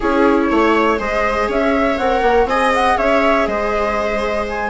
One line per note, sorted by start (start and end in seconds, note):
0.00 0.50 C#4
0.00 0.97 E4
0.00 0.49 G#4
0.00 0.99 C#5
0.50 0.99 A3
0.50 0.99 C#5
0.97 1.48 G#3
0.97 1.97 G#4
0.97 1.48 C5
0.97 1.49 D#5
1.48 1.98 C#4
1.48 2.48 C#5
1.48 1.97 E5
1.97 2.21 C4
1.97 2.50 A#4
1.97 2.47 F#5
2.21 2.45 A#3
2.45 2.95 C4
2.45 4.70 G#4
2.45 2.97 D#5
2.45 2.72 G#5
2.74 2.97 F#5
2.97 3.47 C#4
2.97 3.47 C#5
2.97 3.46 E5
3.46 4.70 G#3
3.46 4.70 C5
3.46 4.45 D#5
4.49 4.70 G#5